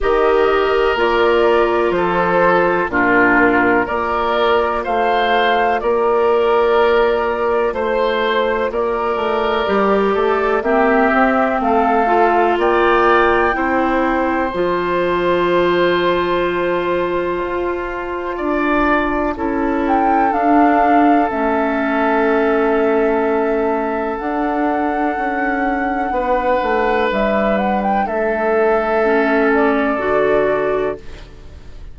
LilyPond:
<<
  \new Staff \with { instrumentName = "flute" } { \time 4/4 \tempo 4 = 62 dis''4 d''4 c''4 ais'4 | d''4 f''4 d''2 | c''4 d''2 e''4 | f''4 g''2 a''4~ |
a''1~ | a''8 g''8 f''4 e''2~ | e''4 fis''2. | e''8 fis''16 g''16 e''4. d''4. | }
  \new Staff \with { instrumentName = "oboe" } { \time 4/4 ais'2 a'4 f'4 | ais'4 c''4 ais'2 | c''4 ais'4. a'8 g'4 | a'4 d''4 c''2~ |
c''2. d''4 | a'1~ | a'2. b'4~ | b'4 a'2. | }
  \new Staff \with { instrumentName = "clarinet" } { \time 4/4 g'4 f'2 d'4 | f'1~ | f'2 g'4 c'4~ | c'8 f'4. e'4 f'4~ |
f'1 | e'4 d'4 cis'2~ | cis'4 d'2.~ | d'2 cis'4 fis'4 | }
  \new Staff \with { instrumentName = "bassoon" } { \time 4/4 dis4 ais4 f4 ais,4 | ais4 a4 ais2 | a4 ais8 a8 g8 a8 ais8 c'8 | a4 ais4 c'4 f4~ |
f2 f'4 d'4 | cis'4 d'4 a2~ | a4 d'4 cis'4 b8 a8 | g4 a2 d4 | }
>>